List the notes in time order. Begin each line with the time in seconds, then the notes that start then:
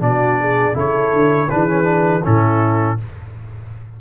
0.00 B2 D4 D5
0.06 F#4
0.41 G#4
0.74 C#3 E4 A4 C#5
1.13 D3
1.50 E3 D4 G#4 B4
1.68 C#4
1.84 D4
2.24 A2 C#4 E4 A4